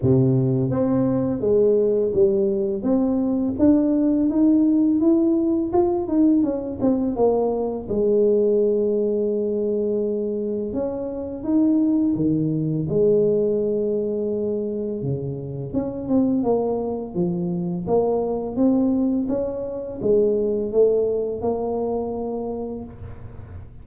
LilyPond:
\new Staff \with { instrumentName = "tuba" } { \time 4/4 \tempo 4 = 84 c4 c'4 gis4 g4 | c'4 d'4 dis'4 e'4 | f'8 dis'8 cis'8 c'8 ais4 gis4~ | gis2. cis'4 |
dis'4 dis4 gis2~ | gis4 cis4 cis'8 c'8 ais4 | f4 ais4 c'4 cis'4 | gis4 a4 ais2 | }